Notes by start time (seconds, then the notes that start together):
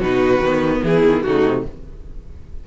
0.00 B2 D#4 F#4 B4
0.41 D#3 B3
0.83 E3 E4 G#4
1.05 D#3
1.23 C#3 A3 D#4 F#4
1.45 C3